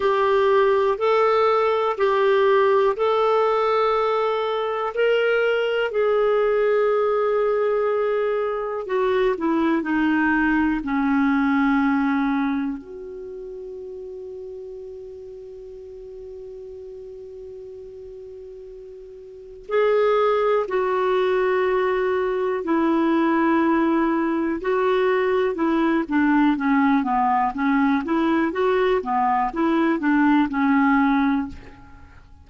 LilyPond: \new Staff \with { instrumentName = "clarinet" } { \time 4/4 \tempo 4 = 61 g'4 a'4 g'4 a'4~ | a'4 ais'4 gis'2~ | gis'4 fis'8 e'8 dis'4 cis'4~ | cis'4 fis'2.~ |
fis'1 | gis'4 fis'2 e'4~ | e'4 fis'4 e'8 d'8 cis'8 b8 | cis'8 e'8 fis'8 b8 e'8 d'8 cis'4 | }